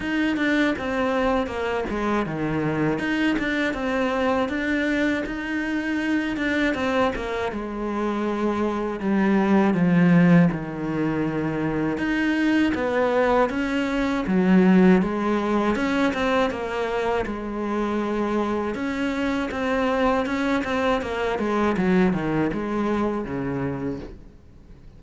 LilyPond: \new Staff \with { instrumentName = "cello" } { \time 4/4 \tempo 4 = 80 dis'8 d'8 c'4 ais8 gis8 dis4 | dis'8 d'8 c'4 d'4 dis'4~ | dis'8 d'8 c'8 ais8 gis2 | g4 f4 dis2 |
dis'4 b4 cis'4 fis4 | gis4 cis'8 c'8 ais4 gis4~ | gis4 cis'4 c'4 cis'8 c'8 | ais8 gis8 fis8 dis8 gis4 cis4 | }